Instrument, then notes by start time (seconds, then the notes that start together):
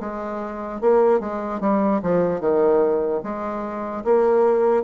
bassoon
0.00 G#3
0.81 A#3
1.20 G#3
1.61 G3
2.02 F3
2.41 D#3
3.23 G#3
4.05 A#3